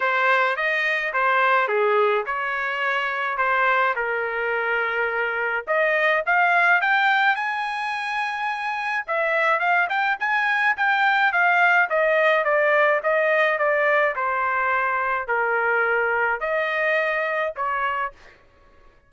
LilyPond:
\new Staff \with { instrumentName = "trumpet" } { \time 4/4 \tempo 4 = 106 c''4 dis''4 c''4 gis'4 | cis''2 c''4 ais'4~ | ais'2 dis''4 f''4 | g''4 gis''2. |
e''4 f''8 g''8 gis''4 g''4 | f''4 dis''4 d''4 dis''4 | d''4 c''2 ais'4~ | ais'4 dis''2 cis''4 | }